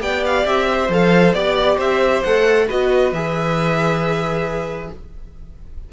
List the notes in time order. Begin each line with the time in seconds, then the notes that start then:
0.00 B3 G4 D5 G5
0.25 F5
0.45 C4 E5
0.72 C5
0.89 F3 A4 F5
1.33 B3 G4 D5
1.76 C4 C5 E5
2.22 A3 A4 F#5
2.67 B3 F#4 B4 D#5
3.12 E3 G#4 E5